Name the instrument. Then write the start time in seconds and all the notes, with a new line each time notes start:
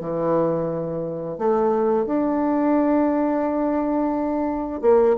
bassoon
0.00 E3
1.38 A3
2.06 D4
4.82 A#3